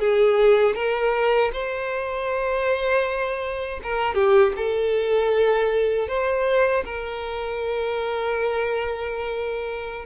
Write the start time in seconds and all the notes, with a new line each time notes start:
0.00 G#4
0.76 A#4
1.53 C5
3.84 A#4
4.15 G4
4.57 A4
6.08 C5
6.85 A#4